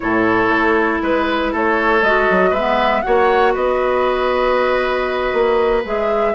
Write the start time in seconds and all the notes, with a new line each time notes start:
0.00 A2 E4 A4 C#5
0.49 A3
1.02 G#3 B4
1.52 A3 A4 C#5
2.02 G#3 F#4 D#5
2.30 F#3
2.50 G#3 B4 E5
2.57 B3
3.01 A#3 F#4 C#5 F#5
3.53 B3 B4 D#5
5.33 A#3
5.85 G#3 G#4 E5